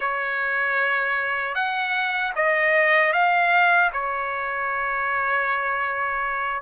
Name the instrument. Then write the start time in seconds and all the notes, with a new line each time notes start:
trumpet
0.00 C#5
1.54 F#5
2.35 D#5
3.12 F5
3.92 C#5